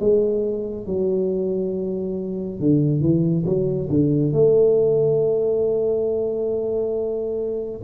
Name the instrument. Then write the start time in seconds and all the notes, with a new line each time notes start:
tuba
0.00 G#3
0.87 F#3
2.60 D3
3.01 E3
3.45 F#3
3.90 D3
4.33 A3